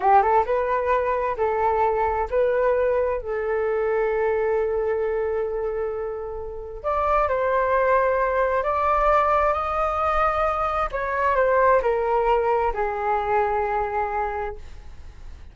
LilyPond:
\new Staff \with { instrumentName = "flute" } { \time 4/4 \tempo 4 = 132 g'8 a'8 b'2 a'4~ | a'4 b'2 a'4~ | a'1~ | a'2. d''4 |
c''2. d''4~ | d''4 dis''2. | cis''4 c''4 ais'2 | gis'1 | }